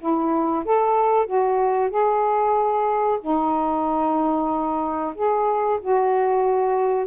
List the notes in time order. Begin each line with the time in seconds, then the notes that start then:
0.00 E4
0.65 A4
1.26 F#4
1.90 G#4
3.21 D#4
5.15 G#4
5.81 F#4